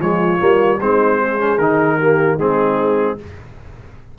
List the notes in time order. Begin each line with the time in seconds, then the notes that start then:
0.00 F3 G#3 F4 C#5
0.39 G3 A#3
0.80 G#3 C4 D#4 C5
1.18 G#4
1.39 C#4
1.58 D#3 D#4 A#4
1.98 A#3 G4
2.36 G#3 C4 D#4 G#4